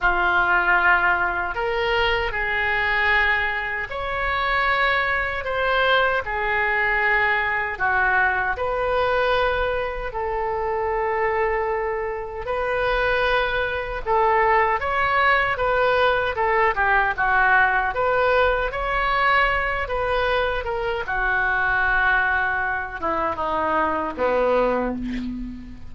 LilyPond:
\new Staff \with { instrumentName = "oboe" } { \time 4/4 \tempo 4 = 77 f'2 ais'4 gis'4~ | gis'4 cis''2 c''4 | gis'2 fis'4 b'4~ | b'4 a'2. |
b'2 a'4 cis''4 | b'4 a'8 g'8 fis'4 b'4 | cis''4. b'4 ais'8 fis'4~ | fis'4. e'8 dis'4 b4 | }